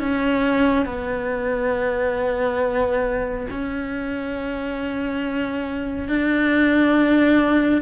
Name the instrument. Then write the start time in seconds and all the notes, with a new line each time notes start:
cello
0.00 C#4
0.86 B3
3.51 C#4
6.09 D4